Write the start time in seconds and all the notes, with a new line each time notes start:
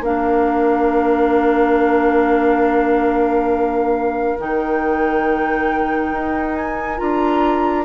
0.00 A#3 D4 A#4 F5
4.38 D#3 D#4 G5
6.12 D#4
6.55 G#5
6.97 D4 F4 A#5